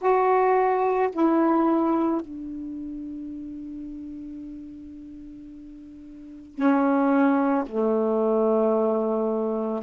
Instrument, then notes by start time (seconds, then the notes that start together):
saxophone
0.00 F#4
1.12 E4
2.21 D4
6.55 C#4
7.66 A3